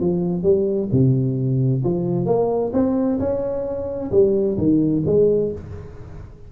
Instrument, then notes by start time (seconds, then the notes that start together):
tuba
0.00 F3
0.43 G3
0.92 C3
1.84 F3
2.26 A#3
2.73 C4
3.19 C#4
4.12 G3
4.58 D#3
5.06 G#3